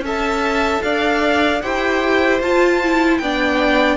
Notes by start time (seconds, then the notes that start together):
0.00 C#4 A4 E5
0.07 A5
0.82 D4 D5 F5
1.61 E4 G4 C5 G5
2.40 F4 A5
2.84 E4
3.18 B3 D4 D5 G5